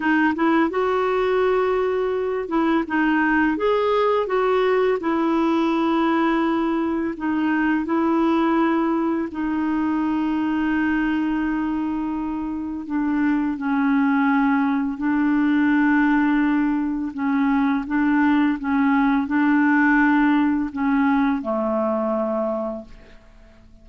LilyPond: \new Staff \with { instrumentName = "clarinet" } { \time 4/4 \tempo 4 = 84 dis'8 e'8 fis'2~ fis'8 e'8 | dis'4 gis'4 fis'4 e'4~ | e'2 dis'4 e'4~ | e'4 dis'2.~ |
dis'2 d'4 cis'4~ | cis'4 d'2. | cis'4 d'4 cis'4 d'4~ | d'4 cis'4 a2 | }